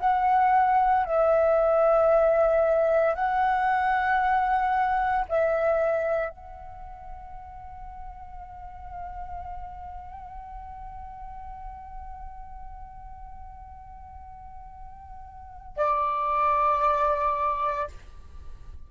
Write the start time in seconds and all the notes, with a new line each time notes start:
0.00 F#5
1.05 E5
3.15 F#5
5.29 E5
6.30 F#5
15.77 D5